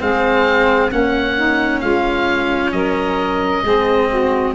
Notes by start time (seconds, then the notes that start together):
0.00 G#3 C4 G#4 F5
0.89 A#3 C#4 F#5
1.37 D#4
1.80 G#3 F4 F5
2.72 F#3 A#4 D#5
3.63 G#3 C4 G#4
4.09 F#4